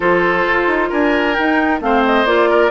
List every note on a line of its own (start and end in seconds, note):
0.00 0.46 F3
0.00 1.36 F4
0.00 0.89 A4
0.00 0.91 C5
0.47 0.67 F4
0.67 0.90 D#4
0.89 1.37 D4
0.89 1.80 A#4
0.89 1.34 G#5
1.34 1.80 D#4
1.34 1.79 G5
1.80 2.25 A3
1.80 2.26 C4
1.80 2.49 C5
1.80 2.04 F5
2.05 2.25 D#5
2.25 2.70 A#3
2.25 2.70 F4
2.25 2.70 D5
2.49 2.70 A#4